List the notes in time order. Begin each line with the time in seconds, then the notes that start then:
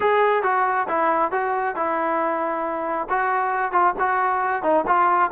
0.00 G#4
0.43 F#4
0.88 E4
1.31 F#4
1.75 E4
3.09 F#4
3.72 F4
3.99 F#4
4.62 D#4
4.86 F4